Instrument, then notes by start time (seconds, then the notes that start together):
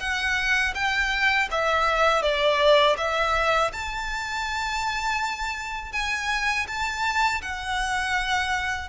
violin
0.00 F#5
0.75 G5
1.51 E5
2.23 D5
2.97 E5
3.73 A5
5.93 G#5
6.67 A5
7.42 F#5